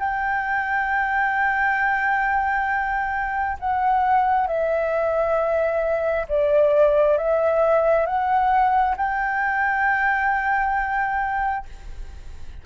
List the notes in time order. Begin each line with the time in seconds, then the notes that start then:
0.00 G5
3.60 F#5
4.48 E5
6.29 D5
7.18 E5
8.06 F#5
8.98 G5